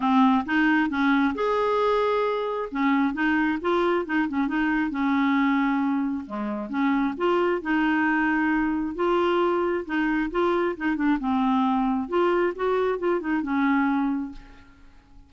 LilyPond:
\new Staff \with { instrumentName = "clarinet" } { \time 4/4 \tempo 4 = 134 c'4 dis'4 cis'4 gis'4~ | gis'2 cis'4 dis'4 | f'4 dis'8 cis'8 dis'4 cis'4~ | cis'2 gis4 cis'4 |
f'4 dis'2. | f'2 dis'4 f'4 | dis'8 d'8 c'2 f'4 | fis'4 f'8 dis'8 cis'2 | }